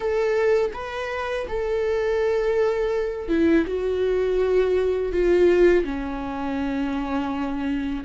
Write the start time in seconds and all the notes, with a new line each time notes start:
0.00 A4
0.73 B4
1.48 A4
3.28 E4
3.66 F#4
5.12 F4
5.84 C#4